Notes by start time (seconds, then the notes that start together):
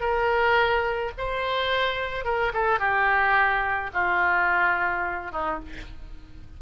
0.00 A#4
1.17 C5
2.24 A#4
2.53 A4
2.79 G4
3.93 F4
5.31 D#4